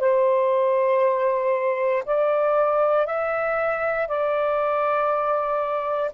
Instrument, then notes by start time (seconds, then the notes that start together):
saxophone
0.00 C5
2.06 D5
3.06 E5
4.08 D5